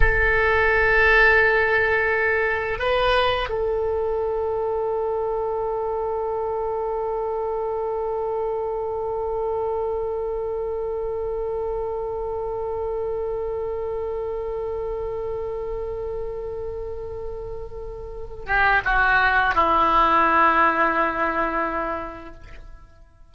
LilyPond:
\new Staff \with { instrumentName = "oboe" } { \time 4/4 \tempo 4 = 86 a'1 | b'4 a'2.~ | a'1~ | a'1~ |
a'1~ | a'1~ | a'2~ a'8 g'8 fis'4 | e'1 | }